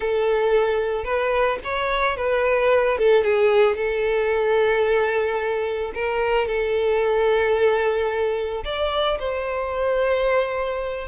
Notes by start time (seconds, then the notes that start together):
0.00 A4
1.04 B4
1.64 C#5
2.16 B4
2.97 A4
3.23 G#4
3.76 A4
5.94 A#4
6.47 A4
8.64 D5
9.19 C5